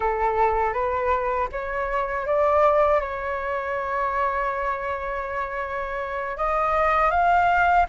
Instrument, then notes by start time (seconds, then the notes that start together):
flute
0.00 A4
0.73 B4
1.51 C#5
2.26 D5
3.00 C#5
6.37 D#5
7.10 F5